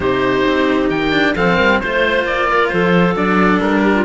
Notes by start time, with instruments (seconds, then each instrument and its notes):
0.00 cello C3 D#4, clarinet G4, oboe C5
0.46 cello C4
0.89 cello D#3, oboe G5
1.11 cello D4
1.35 cello F3 C4, clarinet A4, oboe F5
1.56 cello G3, clarinet A#4
1.80 cello A3 F4, oboe C5, clarinet C5
2.24 cello A#3, oboe D5
2.48 clarinet A#4
2.68 cello F3, clarinet A4, oboe C5
3.14 cello F#3 D4, oboe D5
3.60 cello G3, oboe A#4
3.81 clarinet G4
3.95 clarinet F4